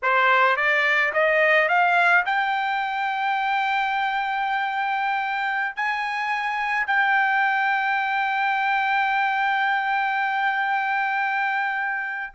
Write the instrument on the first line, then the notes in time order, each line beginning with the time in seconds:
trumpet
0.02 C5
0.56 D5
1.13 D#5
1.68 F5
2.25 G5
5.76 G#5
6.86 G5